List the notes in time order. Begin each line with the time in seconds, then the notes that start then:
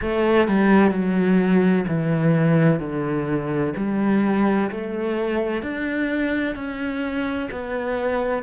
0.01 A3
0.48 G3
0.91 F#3
1.87 E3
2.79 D3
3.76 G3
4.70 A3
5.62 D4
6.55 C#4
7.51 B3